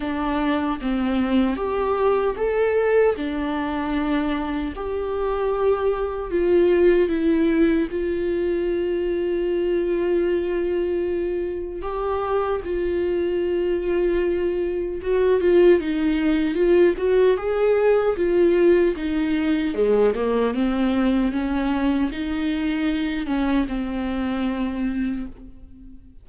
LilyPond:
\new Staff \with { instrumentName = "viola" } { \time 4/4 \tempo 4 = 76 d'4 c'4 g'4 a'4 | d'2 g'2 | f'4 e'4 f'2~ | f'2. g'4 |
f'2. fis'8 f'8 | dis'4 f'8 fis'8 gis'4 f'4 | dis'4 gis8 ais8 c'4 cis'4 | dis'4. cis'8 c'2 | }